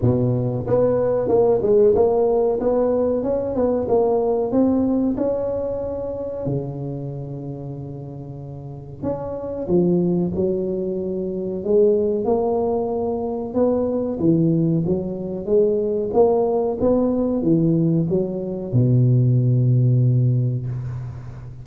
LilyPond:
\new Staff \with { instrumentName = "tuba" } { \time 4/4 \tempo 4 = 93 b,4 b4 ais8 gis8 ais4 | b4 cis'8 b8 ais4 c'4 | cis'2 cis2~ | cis2 cis'4 f4 |
fis2 gis4 ais4~ | ais4 b4 e4 fis4 | gis4 ais4 b4 e4 | fis4 b,2. | }